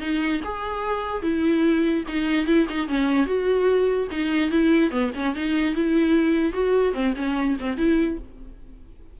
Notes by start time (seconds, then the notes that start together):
0.00 D#4
0.44 G#4
1.23 E4
2.08 D#4
2.46 E4
2.69 D#4
2.88 C#4
3.26 F#4
4.11 D#4
4.51 E4
4.91 B3
5.15 C#4
5.35 D#4
5.75 E4
6.53 F#4
6.94 C4
7.16 C#4
7.60 C4
7.77 E4